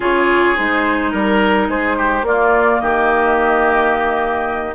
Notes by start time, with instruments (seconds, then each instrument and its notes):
0.00 bassoon C#3, clarinet F4, oboe G#4, flute C#5
0.55 bassoon G#3, clarinet D#4, flute C5
1.11 bassoon G3, oboe A#4, flute A#4
1.68 bassoon G#3, oboe G#4, flute C5
1.97 oboe G4
2.22 bassoon A#3, clarinet A#3, oboe F4, flute D5
2.79 bassoon D#3, oboe G4, flute D#5